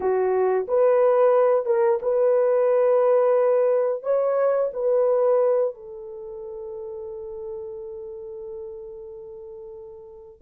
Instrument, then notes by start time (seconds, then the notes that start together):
horn
0.00 F#4
0.67 B4
1.65 A#4
2.02 B4
4.02 C#5
4.73 B4
5.74 A4